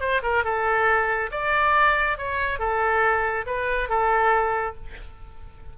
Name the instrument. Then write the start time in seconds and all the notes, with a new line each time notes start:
oboe
0.00 C5
0.23 A#4
0.44 A4
1.31 D5
2.18 C#5
2.59 A4
3.46 B4
3.89 A4